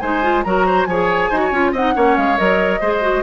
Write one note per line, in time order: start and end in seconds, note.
0.00 0.45 G#3
0.00 0.23 D#4
0.00 0.45 C5
0.00 0.43 G#5
0.23 0.45 F4
0.44 0.87 F#3
0.44 0.89 F#4
0.44 0.66 A#4
0.44 0.86 A#5
0.66 0.88 C5
0.86 1.30 F3
0.86 1.34 G#4
0.86 1.30 C#5
0.86 1.72 G#5
1.30 1.52 D#4
1.30 1.54 F#4
1.30 1.40 C5
1.40 1.72 C#5
1.52 1.73 C#4
1.52 1.75 F4
1.73 1.95 C4
1.73 1.95 D#4
1.73 1.94 D#5
1.73 2.17 F#5
1.95 2.18 A#3
1.95 2.38 C#4
1.95 2.81 C#5
2.17 2.39 G#3
2.17 2.38 F5
2.38 2.82 F#3
2.38 2.81 A#4
2.38 3.24 D#5
2.81 3.24 G#3
2.81 3.02 G#4
2.81 3.24 C5
3.02 3.24 F#4